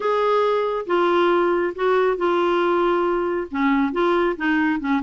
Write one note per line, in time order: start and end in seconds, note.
0.00 0.86 G#4
0.86 1.73 F4
1.75 2.17 F#4
2.17 3.47 F4
3.50 3.92 C#4
3.92 4.36 F4
4.36 4.80 D#4
4.80 5.01 C#4